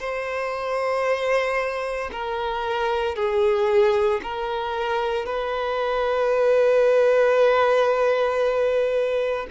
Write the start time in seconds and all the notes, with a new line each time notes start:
0.00 C5
2.12 A#4
3.16 G#4
4.23 A#4
5.26 B4